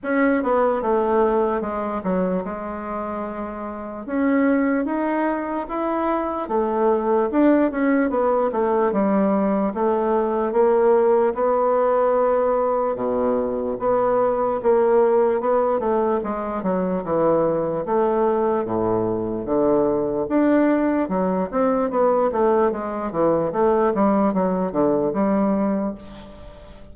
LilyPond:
\new Staff \with { instrumentName = "bassoon" } { \time 4/4 \tempo 4 = 74 cis'8 b8 a4 gis8 fis8 gis4~ | gis4 cis'4 dis'4 e'4 | a4 d'8 cis'8 b8 a8 g4 | a4 ais4 b2 |
b,4 b4 ais4 b8 a8 | gis8 fis8 e4 a4 a,4 | d4 d'4 fis8 c'8 b8 a8 | gis8 e8 a8 g8 fis8 d8 g4 | }